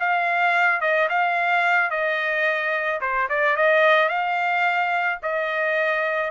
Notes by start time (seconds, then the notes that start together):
0.00 F5
0.81 D#5
1.10 F5
1.91 D#5
3.01 C5
3.30 D5
3.57 D#5
4.09 F5
5.23 D#5